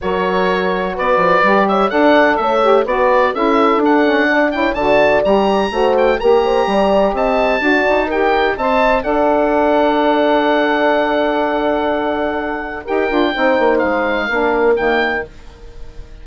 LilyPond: <<
  \new Staff \with { instrumentName = "oboe" } { \time 4/4 \tempo 4 = 126 cis''2 d''4. e''8 | fis''4 e''4 d''4 e''4 | fis''4. g''8 a''4 ais''4~ | ais''8 g''8 ais''2 a''4~ |
a''4 g''4 a''4 fis''4~ | fis''1~ | fis''2. g''4~ | g''4 f''2 g''4 | }
  \new Staff \with { instrumentName = "horn" } { \time 4/4 ais'2 b'4. cis''8 | d''4 cis''4 b'4 a'4~ | a'4 d''8 cis''8 d''2 | c''4 ais'8 c''8 d''4 dis''4 |
d''4 ais'4 dis''4 d''4~ | d''1~ | d''2. ais'4 | c''2 ais'2 | }
  \new Staff \with { instrumentName = "saxophone" } { \time 4/4 fis'2. g'4 | a'4. g'8 fis'4 e'4 | d'8 cis'8 d'8 e'8 fis'4 g'4 | fis'4 g'2. |
fis'4 g'4 c''4 a'4~ | a'1~ | a'2. g'8 f'8 | dis'2 d'4 ais4 | }
  \new Staff \with { instrumentName = "bassoon" } { \time 4/4 fis2 b8 f8 g4 | d'4 a4 b4 cis'4 | d'2 d4 g4 | a4 ais4 g4 c'4 |
d'8 dis'4. c'4 d'4~ | d'1~ | d'2. dis'8 d'8 | c'8 ais8 gis4 ais4 dis4 | }
>>